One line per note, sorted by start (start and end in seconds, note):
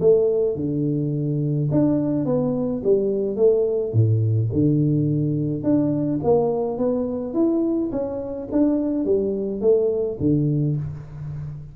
0.00 0.56 A3
0.56 1.69 D3
1.72 2.25 D4
2.25 2.82 B3
2.84 3.36 G3
3.36 3.93 A3
3.93 4.49 A2
4.52 5.63 D3
5.63 6.20 D4
6.23 6.78 A#3
6.78 7.34 B3
7.34 7.90 E4
7.92 8.48 C#4
8.52 9.05 D4
9.05 9.61 G3
9.61 10.18 A3
10.20 10.76 D3